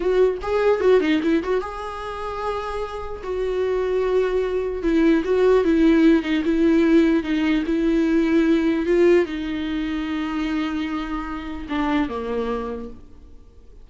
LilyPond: \new Staff \with { instrumentName = "viola" } { \time 4/4 \tempo 4 = 149 fis'4 gis'4 fis'8 dis'8 e'8 fis'8 | gis'1 | fis'1 | e'4 fis'4 e'4. dis'8 |
e'2 dis'4 e'4~ | e'2 f'4 dis'4~ | dis'1~ | dis'4 d'4 ais2 | }